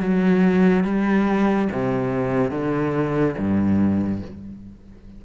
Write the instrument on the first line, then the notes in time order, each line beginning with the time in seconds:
cello
0.00 F#3
0.84 G3
1.72 C3
2.51 D3
3.37 G2